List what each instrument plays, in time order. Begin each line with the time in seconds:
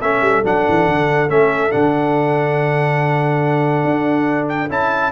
0.00 tuba A3, trombone C#4, horn A4, trumpet E5
0.21 tuba G3
0.44 tuba F#3, trombone D4, trumpet F#5
0.69 tuba E3
0.88 tuba D3
1.29 tuba A3, trombone C#4, trumpet E5
1.71 tuba D3, trombone D4, trumpet F#5
3.84 tuba D4
4.49 trumpet G5
4.70 tuba C#4, trombone E4, trumpet A5